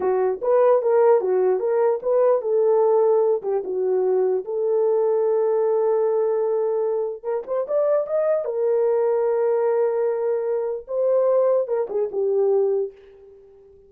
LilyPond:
\new Staff \with { instrumentName = "horn" } { \time 4/4 \tempo 4 = 149 fis'4 b'4 ais'4 fis'4 | ais'4 b'4 a'2~ | a'8 g'8 fis'2 a'4~ | a'1~ |
a'2 ais'8 c''8 d''4 | dis''4 ais'2.~ | ais'2. c''4~ | c''4 ais'8 gis'8 g'2 | }